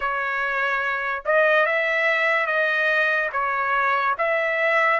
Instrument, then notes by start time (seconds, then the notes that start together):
trumpet
0.00 C#5
1.25 D#5
1.66 E5
2.46 D#5
3.32 C#5
4.17 E5